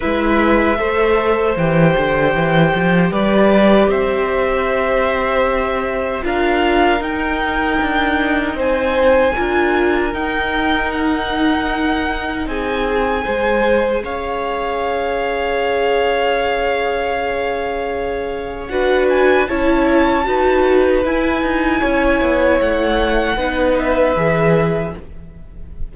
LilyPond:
<<
  \new Staff \with { instrumentName = "violin" } { \time 4/4 \tempo 4 = 77 e''2 g''2 | d''4 e''2. | f''4 g''2 gis''4~ | gis''4 g''4 fis''2 |
gis''2 f''2~ | f''1 | fis''8 gis''8 a''2 gis''4~ | gis''4 fis''4. e''4. | }
  \new Staff \with { instrumentName = "violin" } { \time 4/4 b'4 c''2. | b'4 c''2. | ais'2. c''4 | ais'1 |
gis'4 c''4 cis''2~ | cis''1 | b'4 cis''4 b'2 | cis''2 b'2 | }
  \new Staff \with { instrumentName = "viola" } { \time 4/4 e'4 a'4 g'2~ | g'1 | f'4 dis'2. | f'4 dis'2.~ |
dis'4 gis'2.~ | gis'1 | fis'4 e'4 fis'4 e'4~ | e'2 dis'4 gis'4 | }
  \new Staff \with { instrumentName = "cello" } { \time 4/4 gis4 a4 e8 d8 e8 f8 | g4 c'2. | d'4 dis'4 d'4 c'4 | d'4 dis'2. |
c'4 gis4 cis'2~ | cis'1 | d'4 cis'4 dis'4 e'8 dis'8 | cis'8 b8 a4 b4 e4 | }
>>